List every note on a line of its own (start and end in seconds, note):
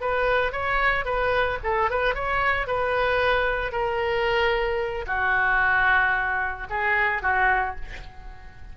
0.00 0.52 B4
0.52 1.05 C#5
1.05 1.58 B4
1.63 1.90 A4
1.90 2.14 B4
2.14 2.66 C#5
2.66 3.71 B4
3.71 5.05 A#4
5.06 6.67 F#4
6.70 7.22 G#4
7.22 7.75 F#4